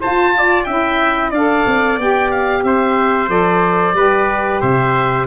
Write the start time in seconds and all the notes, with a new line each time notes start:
0.00 F4 C5 A5
0.37 D5
0.64 C#4 E4 E5 G5
1.30 D4 D5 F5
1.37 A4
1.66 C4
1.97 B3 G4 G5
2.31 F5
2.63 C4 C5 E5
3.27 F3 A4 D5
3.93 G3 G4 B4
4.60 C3 C5 E5